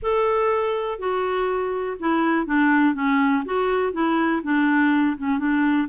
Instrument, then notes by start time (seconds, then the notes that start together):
clarinet
0.02 A4
0.99 F#4
1.99 E4
2.46 D4
2.94 C#4
3.45 F#4
3.92 E4
4.43 D4
5.17 C#4
5.38 D4